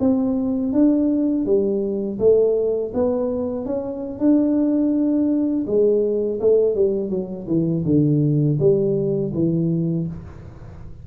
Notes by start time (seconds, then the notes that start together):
0.00 C4
0.73 D4
1.46 G3
2.20 A3
2.94 B3
3.66 C#4
4.19 D4
5.67 G#3
6.41 A3
6.75 G3
7.10 F#3
7.47 E3
7.85 D3
8.60 G3
9.34 E3